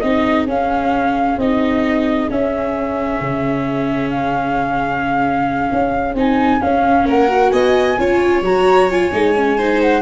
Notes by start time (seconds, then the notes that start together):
0.00 C4 D#4 G#4 D#5
0.46 C#4 F5
1.38 C4 D#4 D#5
2.29 C#4 E5
3.21 C#3
4.10 F5
5.72 C#4
6.14 C4 D#4 G#5
6.61 C#4 F5
7.06 A#3 A#4 F#5
7.28 F#4
7.50 B3 D#5 G#5
7.98 C#4 F4 C#5
8.41 F#3 F#4 A#5
8.90 F4 G#5
9.12 G#3 D#4
9.36 C#4
9.58 D#4 C5
9.81 F#5